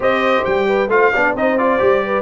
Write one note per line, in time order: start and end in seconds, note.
0.00 0.42 C4
0.00 0.87 G4
0.00 0.67 C5
0.00 0.45 D#5
0.45 0.88 G3
0.45 0.90 G5
0.67 0.90 B4
0.88 1.10 A3
0.88 1.12 F4
0.88 1.12 C5
0.88 1.35 F5
1.12 1.34 B3
1.12 1.37 D4
1.12 1.35 D5
1.34 1.79 C4
1.34 1.58 D#4
1.34 2.05 C5
1.34 1.57 D#5
1.57 1.79 F4
1.57 2.22 D5
1.79 2.22 G3
1.79 2.22 G4
2.05 2.22 B4